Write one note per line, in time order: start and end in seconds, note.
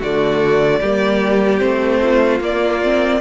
0.00 0.82 D3
0.00 0.83 A3
0.00 0.80 F#4
0.00 1.60 D5
0.81 1.62 G3
0.81 1.60 A#3
0.81 2.01 G4
1.60 2.41 A3
1.60 2.40 C4
1.60 2.40 C5
2.02 3.21 F4
2.41 3.21 A#3
2.41 2.82 A#3
2.41 3.21 D5
2.84 3.21 C4